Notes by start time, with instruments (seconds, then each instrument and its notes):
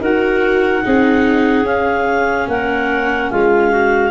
0.00 tuba D#4, viola F#4, clarinet A#4 F#5
0.83 tuba C4, viola D#4, clarinet G#4
1.64 tuba C#4, viola C#4, clarinet F5
2.48 tuba A#3, clarinet A#4 F#5
3.30 tuba G#3, clarinet F4 F5
3.71 clarinet F#4